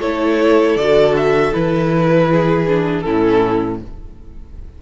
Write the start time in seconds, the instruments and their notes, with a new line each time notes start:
0.00 cello A3, viola E4, violin A4 C#5
0.76 cello D3, viola F#4, violin D5
1.16 violin E5
1.52 cello E3, viola E4, violin B4
2.31 violin G#4
2.67 viola D4
3.00 cello A2, viola C#4, violin E4 A4